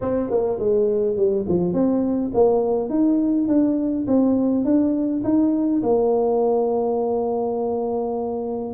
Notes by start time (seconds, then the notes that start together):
0.01 C4
0.30 A#3
0.59 G#3
1.16 G3
1.48 F3
1.73 C4
2.34 A#3
2.89 D#4
3.48 D4
4.07 C4
4.64 D4
5.24 D#4
5.82 A#3